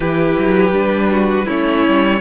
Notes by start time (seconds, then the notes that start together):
0.00 E3 E4 G4 B4
0.38 F#3
0.71 G3 D4
1.10 F#4
1.45 A3 C#4 E4 C#5
1.87 G3